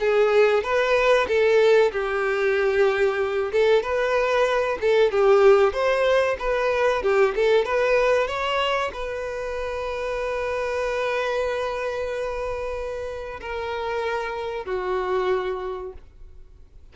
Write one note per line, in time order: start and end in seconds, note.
0.00 0.63 G#4
0.63 1.27 B4
1.28 1.92 A4
1.92 3.52 G4
3.53 3.83 A4
3.83 4.78 B4
4.81 5.12 A4
5.12 5.73 G4
5.73 6.37 C5
6.39 7.03 B4
7.03 7.35 G4
7.35 7.65 A4
7.65 8.27 B4
8.27 8.91 C#5
8.93 13.40 B4
13.41 14.65 A#4
14.65 15.93 F#4